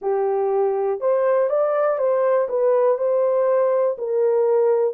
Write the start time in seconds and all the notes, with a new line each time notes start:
0.01 G4
1.00 C5
1.49 D5
1.98 C5
2.48 B4
2.98 C5
3.98 A#4